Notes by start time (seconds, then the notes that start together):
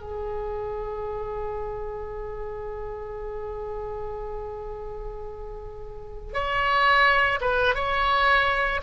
0.00 G#4
6.33 C#5
7.41 B4
7.75 C#5